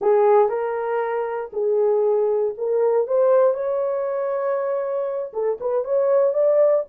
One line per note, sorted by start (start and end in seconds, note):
0.01 0.49 G#4
0.49 1.50 A#4
1.52 2.54 G#4
2.57 3.07 A#4
3.07 3.54 C5
3.54 5.32 C#5
5.33 5.58 A4
5.60 5.84 B4
5.84 6.33 C#5
6.33 6.84 D5